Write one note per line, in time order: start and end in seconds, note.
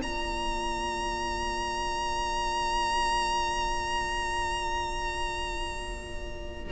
0.00 6.72 A#3
0.00 6.72 F4
0.00 6.72 D5
0.00 6.72 A#5